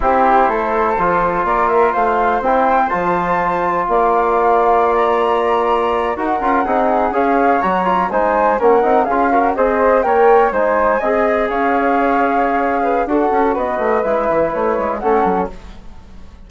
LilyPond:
<<
  \new Staff \with { instrumentName = "flute" } { \time 4/4 \tempo 4 = 124 c''2. d''8 e''8 | f''4 g''4 a''2 | f''2~ f''16 ais''4.~ ais''16~ | ais''8. fis''2 f''4 ais''16~ |
ais''8. gis''4 fis''4 f''4 dis''16~ | dis''8. g''4 gis''2 f''16~ | f''2. fis''4 | dis''4 e''4 cis''4 fis''4 | }
  \new Staff \with { instrumentName = "flute" } { \time 4/4 g'4 a'2 ais'4 | c''1 | d''1~ | d''8. ais'4 gis'4 cis''4~ cis''16~ |
cis''8. c''4 ais'4 gis'8 ais'8 c''16~ | c''8. cis''4 c''4 dis''4 cis''16~ | cis''2~ cis''8 b'8 a'4 | b'2. a'4 | }
  \new Staff \with { instrumentName = "trombone" } { \time 4/4 e'2 f'2~ | f'4 e'4 f'2~ | f'1~ | f'8. fis'8 f'8 dis'4 gis'4 fis'16~ |
fis'16 f'8 dis'4 cis'8 dis'8 f'8 fis'8 gis'16~ | gis'8. ais'4 dis'4 gis'4~ gis'16~ | gis'2. fis'4~ | fis'4 e'2 cis'4 | }
  \new Staff \with { instrumentName = "bassoon" } { \time 4/4 c'4 a4 f4 ais4 | a4 c'4 f2 | ais1~ | ais8. dis'8 cis'8 c'4 cis'4 fis16~ |
fis8. gis4 ais8 c'8 cis'4 c'16~ | c'8. ais4 gis4 c'4 cis'16~ | cis'2. d'8 cis'8 | b8 a8 gis8 e8 a8 gis8 a8 fis8 | }
>>